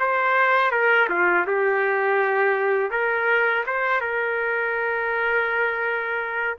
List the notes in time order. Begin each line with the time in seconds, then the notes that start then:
0.00 C5
0.72 A#4
1.10 F4
1.47 G4
2.91 A#4
3.67 C5
4.01 A#4